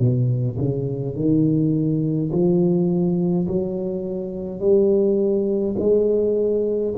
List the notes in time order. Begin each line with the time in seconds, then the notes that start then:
0.00 B2
0.59 C#3
1.16 D#3
2.32 F3
3.48 F#3
4.60 G3
5.79 G#3